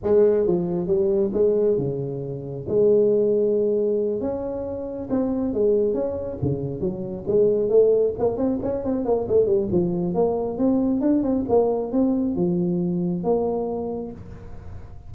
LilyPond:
\new Staff \with { instrumentName = "tuba" } { \time 4/4 \tempo 4 = 136 gis4 f4 g4 gis4 | cis2 gis2~ | gis4. cis'2 c'8~ | c'8 gis4 cis'4 cis4 fis8~ |
fis8 gis4 a4 ais8 c'8 cis'8 | c'8 ais8 a8 g8 f4 ais4 | c'4 d'8 c'8 ais4 c'4 | f2 ais2 | }